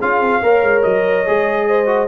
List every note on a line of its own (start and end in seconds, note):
0.00 0.20 C#4
0.00 0.42 F4
0.00 0.42 G#4
0.00 0.82 F5
0.20 0.41 C4
0.42 0.62 A#3
0.42 1.26 A#4
0.42 1.67 C#5
0.62 0.83 G#3
0.82 1.27 F#3
0.82 2.07 D#5
1.26 2.07 G#3
1.26 1.86 G#4
1.67 2.07 C5
1.86 2.07 F#4